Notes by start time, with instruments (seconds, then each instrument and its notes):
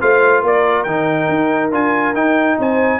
0.00 tuba A3, trombone F4, horn C5, trumpet F5
0.41 tuba A#3, horn A#4, trumpet D5
0.83 tuba D#3, trombone D#4, trumpet G5
1.28 tuba D#4
1.71 tuba D4, trombone F4, trumpet G#5
2.13 tuba D#4, trombone D#4, trumpet G5
2.58 tuba C4, horn C5, trumpet G#5